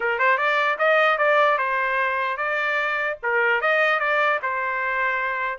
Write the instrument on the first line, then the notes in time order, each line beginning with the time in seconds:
trumpet
0.00 A#4
0.18 C5
0.37 D5
0.78 D#5
1.18 D5
1.57 C5
2.37 D5
3.22 A#4
3.61 D#5
3.99 D5
4.42 C5